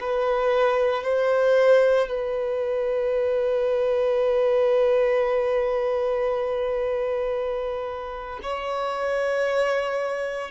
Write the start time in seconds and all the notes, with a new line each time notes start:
0.00 B4
1.03 C5
2.08 B4
8.43 C#5